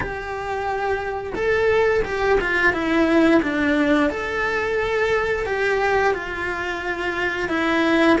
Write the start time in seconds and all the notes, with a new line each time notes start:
0.00 G4
1.35 A4
2.04 G4
2.40 F4
2.73 E4
3.42 D4
4.09 A4
5.46 G4
6.14 F4
7.48 E4